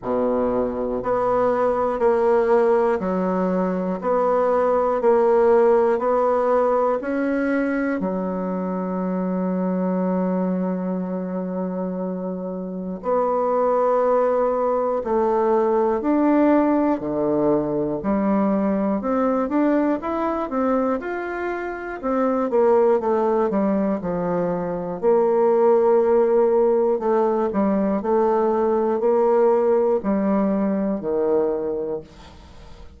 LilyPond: \new Staff \with { instrumentName = "bassoon" } { \time 4/4 \tempo 4 = 60 b,4 b4 ais4 fis4 | b4 ais4 b4 cis'4 | fis1~ | fis4 b2 a4 |
d'4 d4 g4 c'8 d'8 | e'8 c'8 f'4 c'8 ais8 a8 g8 | f4 ais2 a8 g8 | a4 ais4 g4 dis4 | }